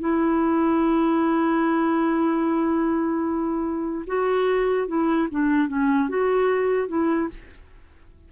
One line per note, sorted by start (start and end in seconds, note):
0.00 4.05 E4
4.07 4.88 F#4
4.88 5.29 E4
5.31 5.68 D4
5.68 6.09 C#4
6.09 6.88 F#4
6.88 7.29 E4